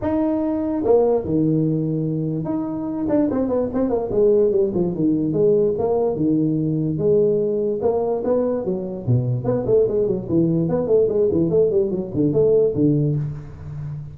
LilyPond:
\new Staff \with { instrumentName = "tuba" } { \time 4/4 \tempo 4 = 146 dis'2 ais4 dis4~ | dis2 dis'4. d'8 | c'8 b8 c'8 ais8 gis4 g8 f8 | dis4 gis4 ais4 dis4~ |
dis4 gis2 ais4 | b4 fis4 b,4 b8 a8 | gis8 fis8 e4 b8 a8 gis8 e8 | a8 g8 fis8 d8 a4 d4 | }